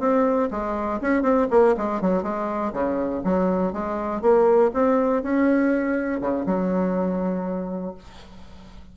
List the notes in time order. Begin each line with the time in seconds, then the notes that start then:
0.00 C4
0.51 G#3
1.01 C#4
1.23 C4
1.51 A#3
1.78 G#3
2.02 F#3
2.23 G#3
2.73 C#3
3.24 F#3
3.73 G#3
4.22 A#3
4.74 C4
5.23 C#4
6.21 C#3
6.46 F#3